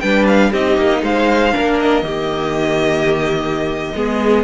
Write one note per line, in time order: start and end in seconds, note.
0.00 0.53 G3
0.00 0.53 D4
0.00 0.52 B4
0.00 0.25 G5
0.27 0.53 F5
0.52 0.77 C4
0.52 1.52 D#4
0.52 1.03 G4
0.52 1.04 D#5
0.77 1.03 A#3
1.03 1.53 G#3
1.03 1.54 C5
1.03 1.79 F5
1.52 2.03 A#3
1.52 2.03 D4
1.52 2.05 A#4
1.79 4.44 D#5
2.03 3.93 D#3
2.03 3.94 A#3
2.03 3.96 G4
3.96 4.44 G#3
3.96 4.44 B3
3.96 4.44 G#4